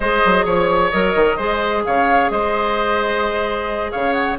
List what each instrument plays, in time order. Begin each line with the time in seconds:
0.00 bassoon G#3, clarinet G#4, oboe C5, flute D#5
0.25 bassoon F#3
0.45 bassoon F3, oboe C#5, flute C#5
0.90 bassoon F#3, clarinet A#4, flute D#5
1.15 bassoon D#3
1.36 bassoon G#3, clarinet G#4, oboe C5
1.84 bassoon C#3, oboe C#5, flute F5
2.30 bassoon G#3, oboe C5, flute D#5
3.91 bassoon C#3, oboe C#5, flute F5
4.13 flute F#5